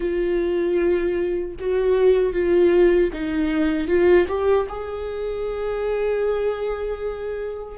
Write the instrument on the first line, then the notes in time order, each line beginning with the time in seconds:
viola
0.00 F4
1.59 F#4
2.32 F4
3.12 D#4
3.87 F4
4.28 G4
4.68 G#4